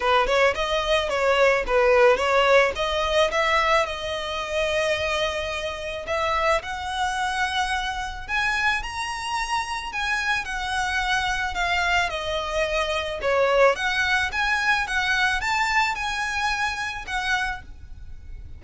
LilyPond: \new Staff \with { instrumentName = "violin" } { \time 4/4 \tempo 4 = 109 b'8 cis''8 dis''4 cis''4 b'4 | cis''4 dis''4 e''4 dis''4~ | dis''2. e''4 | fis''2. gis''4 |
ais''2 gis''4 fis''4~ | fis''4 f''4 dis''2 | cis''4 fis''4 gis''4 fis''4 | a''4 gis''2 fis''4 | }